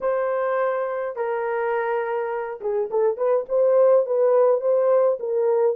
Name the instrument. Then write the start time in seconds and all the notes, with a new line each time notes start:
horn
0.00 C5
1.15 A#4
2.60 G#4
2.90 A4
3.17 B4
3.49 C5
4.06 B4
4.60 C5
5.19 A#4